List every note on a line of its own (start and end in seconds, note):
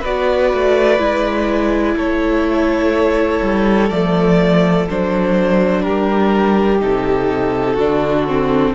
0.00 0.53 B3
0.00 0.99 F#4
0.00 1.94 B4
0.00 1.97 D5
0.53 0.98 A3
0.98 1.95 G#3
0.98 3.89 E4
1.96 3.41 A3
1.96 5.82 A4
1.96 3.90 C#5
3.42 3.90 G3
3.90 4.87 F3
3.90 4.88 A3
3.90 4.86 D5
4.89 5.85 F#3
4.89 6.79 D4
4.89 5.82 C5
5.82 6.82 G3
5.82 7.74 G4
5.82 6.78 A#4
6.79 7.76 C3
6.79 7.76 D#4
6.79 8.75 A4
7.74 8.73 D3
7.74 8.27 D4
7.74 8.71 F#4
8.27 8.75 C4